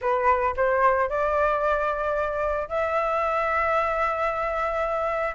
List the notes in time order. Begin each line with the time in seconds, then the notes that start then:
0.01 B4
0.56 C5
1.09 D5
2.68 E5